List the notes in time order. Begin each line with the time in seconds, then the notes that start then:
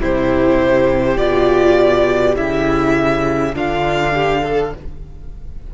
0.00 C3 E4 G4 C5
1.17 B2 F4 D5
2.35 C#3 E4 E5
3.53 D3 D4 F4 F5
4.13 G4
4.43 A4